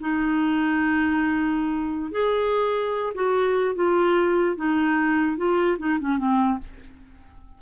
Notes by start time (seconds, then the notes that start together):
0.00 D#4
2.11 G#4
3.14 F#4
3.75 F4
4.56 D#4
5.37 F4
5.79 D#4
6.00 C#4
6.18 C4